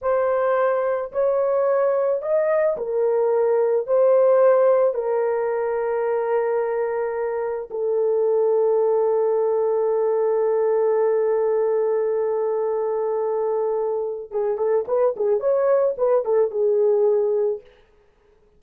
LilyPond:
\new Staff \with { instrumentName = "horn" } { \time 4/4 \tempo 4 = 109 c''2 cis''2 | dis''4 ais'2 c''4~ | c''4 ais'2.~ | ais'2 a'2~ |
a'1~ | a'1~ | a'2 gis'8 a'8 b'8 gis'8 | cis''4 b'8 a'8 gis'2 | }